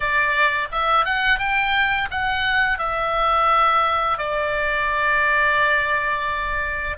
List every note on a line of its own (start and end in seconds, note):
0.00 0.68 D5
0.71 1.05 E5
1.05 1.38 F#5
1.38 2.08 G5
2.10 2.78 F#5
2.78 4.18 E5
4.18 6.97 D5